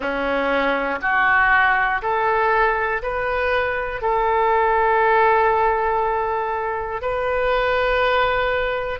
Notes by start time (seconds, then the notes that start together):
0.00 C#4
1.01 F#4
2.02 A4
3.02 B4
4.01 A4
7.01 B4